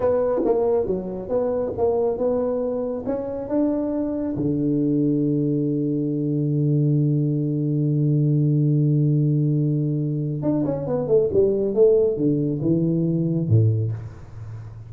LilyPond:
\new Staff \with { instrumentName = "tuba" } { \time 4/4 \tempo 4 = 138 b4 ais4 fis4 b4 | ais4 b2 cis'4 | d'2 d2~ | d1~ |
d1~ | d1 | d'8 cis'8 b8 a8 g4 a4 | d4 e2 a,4 | }